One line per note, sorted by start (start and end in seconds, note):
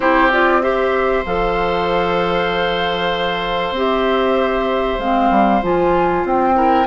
0.00 1.24 C4
0.00 0.31 E4
0.00 0.62 G4
0.00 0.30 C5
0.31 0.61 F4
0.31 0.61 D5
0.61 1.24 G4
0.61 6.56 C5
0.61 1.24 E5
1.25 3.71 F3
1.25 3.76 A4
1.25 3.75 F5
3.71 4.96 C4
3.71 5.00 G4
3.78 5.00 E5
4.98 5.29 G#3
4.98 5.62 C4
4.98 5.62 F5
5.30 5.61 G3
5.62 6.24 F3
5.62 6.54 F4
5.62 6.26 G#5
6.24 6.86 C4
6.24 6.86 G5
6.54 6.85 E4
6.54 6.86 A#4